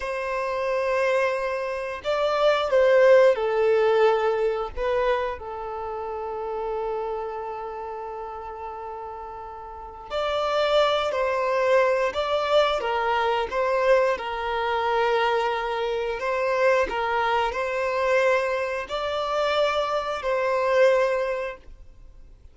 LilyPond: \new Staff \with { instrumentName = "violin" } { \time 4/4 \tempo 4 = 89 c''2. d''4 | c''4 a'2 b'4 | a'1~ | a'2. d''4~ |
d''8 c''4. d''4 ais'4 | c''4 ais'2. | c''4 ais'4 c''2 | d''2 c''2 | }